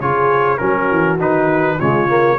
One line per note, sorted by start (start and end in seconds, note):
0.00 0.60 C#3
0.00 0.59 F4
0.00 0.59 G#4
0.00 0.58 C#5
0.58 0.91 F#3
0.58 1.18 C#4
0.58 1.78 F#4
0.58 1.17 A#4
0.91 1.20 E3
1.20 1.80 D#3
1.20 1.80 D#4
1.20 1.80 B4
1.78 2.39 C#3
1.78 2.09 G#3
1.78 2.37 F4
1.78 2.39 C#5
2.09 2.38 A#3